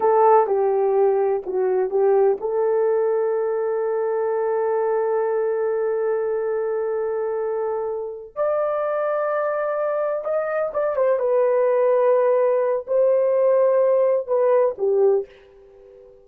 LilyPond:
\new Staff \with { instrumentName = "horn" } { \time 4/4 \tempo 4 = 126 a'4 g'2 fis'4 | g'4 a'2.~ | a'1~ | a'1~ |
a'4. d''2~ d''8~ | d''4. dis''4 d''8 c''8 b'8~ | b'2. c''4~ | c''2 b'4 g'4 | }